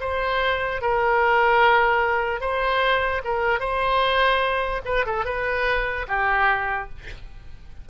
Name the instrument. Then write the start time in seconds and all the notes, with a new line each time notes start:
oboe
0.00 C5
0.81 A#4
2.40 C5
3.24 A#4
3.59 C5
4.85 B4
5.05 A4
5.25 B4
6.08 G4